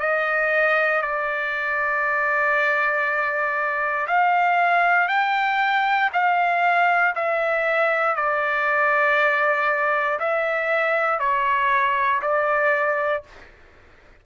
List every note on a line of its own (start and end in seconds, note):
0.00 1.02 D#5
1.02 4.07 D5
4.08 5.08 F5
5.08 6.10 G5
6.13 7.15 F5
7.16 8.16 E5
8.16 10.19 D5
10.20 11.20 E5
11.20 12.21 C#5
12.22 13.24 D5